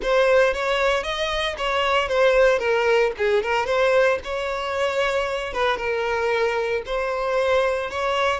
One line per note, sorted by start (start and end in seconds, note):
0.02 0.53 C5
0.53 1.03 C#5
1.03 1.56 D#5
1.57 2.08 C#5
2.08 2.59 C5
2.59 3.11 A#4
3.17 3.42 G#4
3.42 3.66 A#4
3.66 4.18 C5
4.23 5.53 C#5
5.53 5.77 B4
5.77 6.82 A#4
6.85 7.90 C5
7.90 8.39 C#5